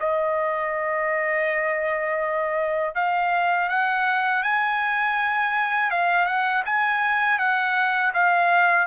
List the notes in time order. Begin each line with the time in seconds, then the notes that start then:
0.00 D#5
2.95 F5
3.69 F#5
4.43 G#5
5.90 F5
6.26 F#5
6.65 G#5
7.39 F#5
8.14 F5